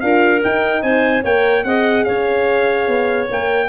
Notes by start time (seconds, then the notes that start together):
0.00 D4 F4 A#4 F5
0.41 D#4 G5
0.82 C4 C5 G#5
1.23 A#3 A#4 C#5 G5
1.64 C4 G#4 D#5 F#5
2.04 C#4 C#5 F5
2.87 B3
3.31 A#3 A#4 G5